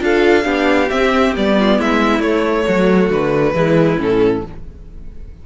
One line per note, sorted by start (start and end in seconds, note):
0.00 0.45 D4
0.00 0.43 F4
0.00 0.45 A4
0.00 0.89 F5
0.43 0.89 B3
0.43 0.87 D4
0.43 1.55 G4
0.89 1.34 C4
0.89 1.36 C4
0.89 1.33 E5
1.34 1.79 G3
1.34 2.22 B3
1.34 1.81 D5
1.59 1.77 F4
1.77 2.19 G#3
1.77 2.66 E4
1.77 2.21 E5
2.19 2.64 A3
2.19 3.55 A3
2.19 3.09 C#5
2.67 3.10 F#3
2.67 3.54 F#4
3.10 3.53 D3
3.10 4.00 B4
3.53 3.97 E3
3.53 3.98 G#3
3.53 4.42 E4
3.98 4.43 A2
3.98 4.42 C#4
3.98 4.46 A4